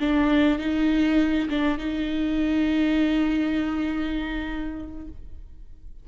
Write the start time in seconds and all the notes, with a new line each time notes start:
0.00 D4
0.59 D#4
1.49 D4
1.78 D#4